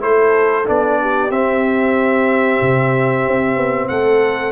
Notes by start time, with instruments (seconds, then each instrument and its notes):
0.00 tuba A3, trombone E4, horn A4, trumpet C5
0.67 tuba B3, trombone D4, trumpet D5
1.00 horn G4
1.29 tuba C4, trombone C4, trumpet E5
2.61 tuba C3
3.27 tuba C4
3.56 tuba B3
3.88 tuba A3, horn A4, trumpet F#5